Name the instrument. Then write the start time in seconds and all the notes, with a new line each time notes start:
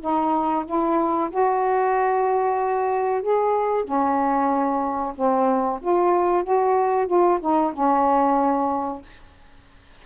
saxophone
0.00 D#4
0.65 E4
1.30 F#4
3.22 G#4
3.84 C#4
5.15 C4
5.81 F4
6.43 F#4
7.06 F4
7.40 D#4
7.73 C#4